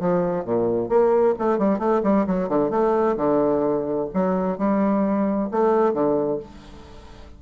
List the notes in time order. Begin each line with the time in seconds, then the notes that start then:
0.00 F3
0.45 A#2
0.89 A#3
1.39 A3
1.58 G3
1.79 A3
2.03 G3
2.27 F#3
2.49 D3
2.70 A3
3.17 D3
4.14 F#3
4.58 G3
5.51 A3
5.94 D3